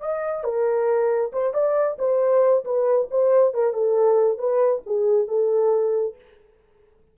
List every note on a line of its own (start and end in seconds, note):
0.00 0.44 D#5
0.44 1.31 A#4
1.32 1.53 C5
1.53 1.97 D5
1.98 2.64 C5
2.64 3.08 B4
3.10 3.54 C5
3.54 3.73 A#4
3.73 4.38 A4
4.38 4.82 B4
4.86 5.27 G#4
5.27 6.15 A4